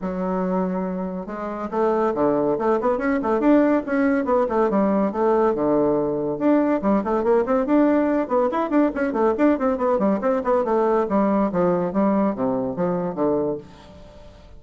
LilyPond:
\new Staff \with { instrumentName = "bassoon" } { \time 4/4 \tempo 4 = 141 fis2. gis4 | a4 d4 a8 b8 cis'8 a8 | d'4 cis'4 b8 a8 g4 | a4 d2 d'4 |
g8 a8 ais8 c'8 d'4. b8 | e'8 d'8 cis'8 a8 d'8 c'8 b8 g8 | c'8 b8 a4 g4 f4 | g4 c4 f4 d4 | }